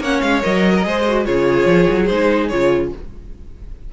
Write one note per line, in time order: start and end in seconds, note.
0.00 0.21 A#3
0.00 0.42 C#4
0.00 0.72 C#5
0.00 0.21 F#5
0.21 0.43 G#3
0.21 0.42 F5
0.42 0.85 F#3
0.42 0.83 A#4
0.42 1.25 D#5
0.76 0.86 A#4
0.83 1.27 G#3
0.83 1.03 G#4
0.83 1.26 C5
1.08 1.25 F#4
1.25 1.66 C#3
1.25 2.08 F4
1.25 2.91 G#4
1.25 2.06 C#5
1.66 1.87 F3
1.90 2.10 F#3
2.06 2.51 G#3
2.06 2.51 D#4
2.06 2.48 C5
2.48 2.93 C#3
2.48 2.93 F4
2.48 2.90 C#5